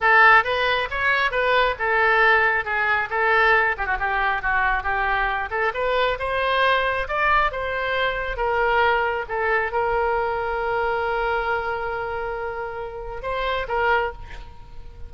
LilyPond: \new Staff \with { instrumentName = "oboe" } { \time 4/4 \tempo 4 = 136 a'4 b'4 cis''4 b'4 | a'2 gis'4 a'4~ | a'8 g'16 fis'16 g'4 fis'4 g'4~ | g'8 a'8 b'4 c''2 |
d''4 c''2 ais'4~ | ais'4 a'4 ais'2~ | ais'1~ | ais'2 c''4 ais'4 | }